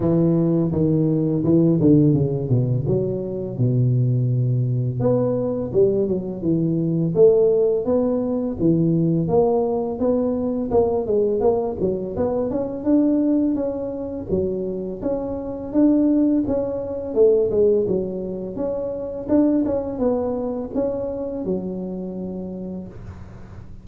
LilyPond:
\new Staff \with { instrumentName = "tuba" } { \time 4/4 \tempo 4 = 84 e4 dis4 e8 d8 cis8 b,8 | fis4 b,2 b4 | g8 fis8 e4 a4 b4 | e4 ais4 b4 ais8 gis8 |
ais8 fis8 b8 cis'8 d'4 cis'4 | fis4 cis'4 d'4 cis'4 | a8 gis8 fis4 cis'4 d'8 cis'8 | b4 cis'4 fis2 | }